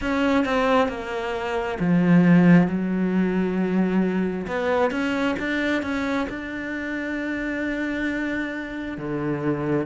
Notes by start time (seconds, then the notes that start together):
0.01 C#4
0.44 C4
0.88 A#3
1.79 F3
2.67 F#3
4.47 B3
4.90 C#4
5.39 D4
5.82 C#4
6.29 D4
8.97 D3